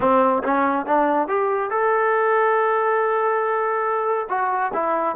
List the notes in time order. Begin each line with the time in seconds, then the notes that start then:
0.00 C4
0.43 C#4
0.86 D4
1.27 G4
1.70 A4
4.29 F#4
4.73 E4